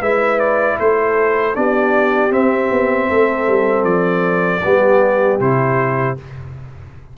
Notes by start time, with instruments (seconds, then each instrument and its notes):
0.00 tuba G#3, trombone E4, horn B4, trumpet E5
0.40 trumpet D5
0.80 tuba A3, horn A4, trumpet C5
1.54 tuba B3, trombone D4, horn G4, trumpet D5
2.31 tuba C4, trombone C4, trumpet E5
2.71 tuba B3
3.10 tuba A3, horn A4
3.48 tuba G3
3.84 tuba F3, trumpet D5
4.63 tuba G3, trombone B3, horn G4
5.40 tuba C3, trombone E4, trumpet C5